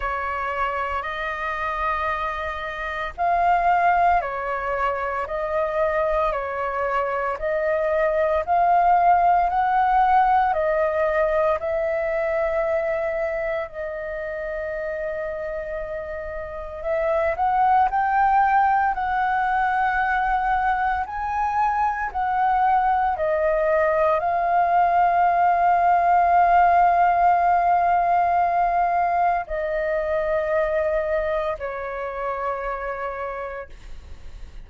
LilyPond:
\new Staff \with { instrumentName = "flute" } { \time 4/4 \tempo 4 = 57 cis''4 dis''2 f''4 | cis''4 dis''4 cis''4 dis''4 | f''4 fis''4 dis''4 e''4~ | e''4 dis''2. |
e''8 fis''8 g''4 fis''2 | gis''4 fis''4 dis''4 f''4~ | f''1 | dis''2 cis''2 | }